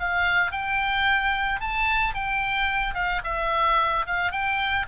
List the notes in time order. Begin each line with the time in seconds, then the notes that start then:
0.00 F5
0.52 G5
1.61 A5
2.15 G5
2.95 F5
3.25 E5
4.07 F5
4.32 G5